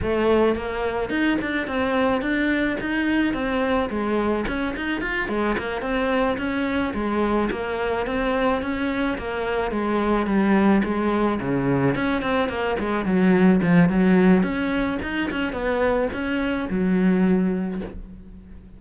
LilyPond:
\new Staff \with { instrumentName = "cello" } { \time 4/4 \tempo 4 = 108 a4 ais4 dis'8 d'8 c'4 | d'4 dis'4 c'4 gis4 | cis'8 dis'8 f'8 gis8 ais8 c'4 cis'8~ | cis'8 gis4 ais4 c'4 cis'8~ |
cis'8 ais4 gis4 g4 gis8~ | gis8 cis4 cis'8 c'8 ais8 gis8 fis8~ | fis8 f8 fis4 cis'4 dis'8 cis'8 | b4 cis'4 fis2 | }